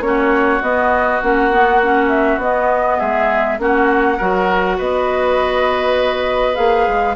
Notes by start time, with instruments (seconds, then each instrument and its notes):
0.00 bassoon A#3, clarinet C#4, flute C#5
0.07 oboe F#4
0.62 clarinet B3, bassoon B3, flute D#5
1.22 bassoon A#3, clarinet C#4, flute F#5
1.51 clarinet B3
1.82 clarinet C#4
2.09 flute E5
2.37 bassoon B3, clarinet B3, flute D#5
2.98 bassoon G#3, oboe G#4, flute E5
3.58 bassoon A#3, clarinet C#4, oboe F#4, flute F#5
4.17 bassoon F#3, clarinet F#4, oboe A#4
4.77 bassoon B3, oboe B4, flute D#5
6.54 bassoon A#3, clarinet G#4, flute F5
6.87 bassoon G#3